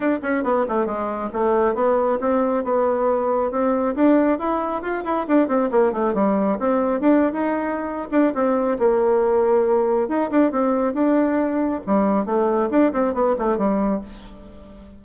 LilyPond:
\new Staff \with { instrumentName = "bassoon" } { \time 4/4 \tempo 4 = 137 d'8 cis'8 b8 a8 gis4 a4 | b4 c'4 b2 | c'4 d'4 e'4 f'8 e'8 | d'8 c'8 ais8 a8 g4 c'4 |
d'8. dis'4.~ dis'16 d'8 c'4 | ais2. dis'8 d'8 | c'4 d'2 g4 | a4 d'8 c'8 b8 a8 g4 | }